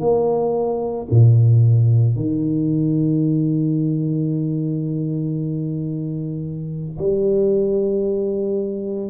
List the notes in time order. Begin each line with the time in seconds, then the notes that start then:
0.00 A#3
1.11 A#2
2.16 D#3
6.99 G3